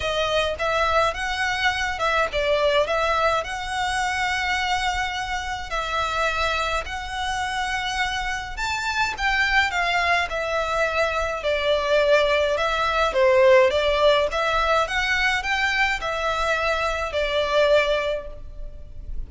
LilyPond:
\new Staff \with { instrumentName = "violin" } { \time 4/4 \tempo 4 = 105 dis''4 e''4 fis''4. e''8 | d''4 e''4 fis''2~ | fis''2 e''2 | fis''2. a''4 |
g''4 f''4 e''2 | d''2 e''4 c''4 | d''4 e''4 fis''4 g''4 | e''2 d''2 | }